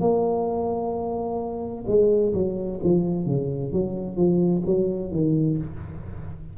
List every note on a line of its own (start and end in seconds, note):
0.00 1.85 A#3
1.87 2.33 G#3
2.33 2.79 F#3
2.83 3.26 F3
3.26 3.72 C#3
3.72 4.16 F#3
4.16 4.62 F3
4.66 5.11 F#3
5.11 5.58 D#3